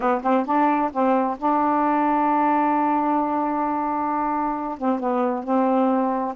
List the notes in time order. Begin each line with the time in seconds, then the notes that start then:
0.00 B3
0.23 C4
0.45 D4
0.92 C4
1.38 D4
4.78 C4
4.99 B3
5.43 C4